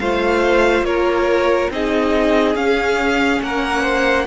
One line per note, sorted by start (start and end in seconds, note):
0.00 0.82 A3
0.00 1.72 F4
0.00 0.86 C5
0.00 0.85 F5
0.82 1.68 A#3
0.82 1.72 A#4
0.82 1.71 C#5
1.71 2.55 C4
1.71 2.55 D#4
1.71 3.44 G#4
1.71 2.56 D#5
2.55 3.41 C#4
2.55 4.27 C#4
2.55 3.42 F5
3.42 4.27 A#3
3.42 3.82 A#4
3.42 4.27 F#5
3.82 4.25 C5